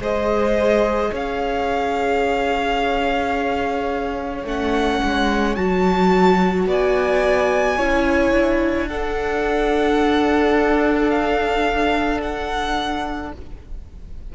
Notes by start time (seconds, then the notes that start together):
0.00 G#3 G#4 C5 D#5
1.11 C#4 C#5 F5
4.45 A3 C#4 F#5
5.04 G#3
5.56 F#3 F#4 A5
6.67 B3 D5 G#5
7.78 C#4 E4 C#5
8.32 D4
8.88 D4 A4 F#5
11.10 F5
12.22 F#5